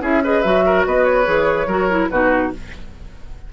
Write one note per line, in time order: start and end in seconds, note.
0.00 0.41 C#4
0.00 0.22 E4
0.00 0.22 G#4
0.00 0.24 E5
0.23 0.44 G#4
0.23 0.65 B4
0.23 0.42 D#5
0.42 0.85 F#3
0.42 1.24 F#4
0.42 0.83 E5
0.66 0.86 A#4
0.85 1.27 B3
0.85 1.67 B4
0.85 1.04 D#5
1.04 2.08 C#5
1.24 1.66 E3
1.24 1.65 G#4
1.66 2.08 F#3
1.66 1.90 F#4
1.66 2.08 A#4
1.90 2.10 E4
2.09 2.52 B2
2.09 2.53 D#4
2.09 2.52 F#4
2.09 2.51 B4